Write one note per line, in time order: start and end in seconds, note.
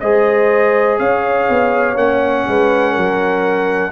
0.00 0.99 G#3
0.00 1.95 G#4
0.00 1.00 C5
0.00 0.98 D#5
0.99 1.48 C#4
0.99 2.47 C#5
0.99 1.97 F5
1.49 1.95 B3
1.95 2.44 A#3
1.95 3.91 C#4
1.95 3.91 F#5
2.47 2.96 G#3
2.47 2.92 B4
2.92 3.91 F#3
2.92 3.90 A#4